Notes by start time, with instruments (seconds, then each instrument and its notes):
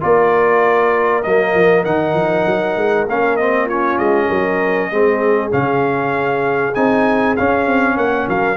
0.00 tuba A#3, trombone F4, horn A#4, trumpet D5
1.23 tuba F#3, trombone A#3, trumpet D#5
1.55 tuba F3
1.85 tuba D#3, trombone D#4, trumpet F#5
2.14 tuba F3
2.46 tuba F#3
2.76 tuba G#3
3.06 tuba A#3, trombone C#4, trumpet F5
3.36 trombone C4, trumpet D#5
3.65 trombone C#4, horn F4, trumpet C#5
3.98 tuba G#3, trumpet D#5
4.28 tuba F#3, horn A#4
4.90 tuba G#3, trombone C4, horn G#4
5.50 tuba C#3, trombone C#4, trumpet F5
6.74 tuba C4, trombone D#4, trumpet G#5
7.36 trombone C#4, tuba C#4, trumpet F5
7.66 tuba C4
7.94 tuba A#3, horn C#5, trumpet F#5
8.27 tuba F#3, horn A#4, trumpet F5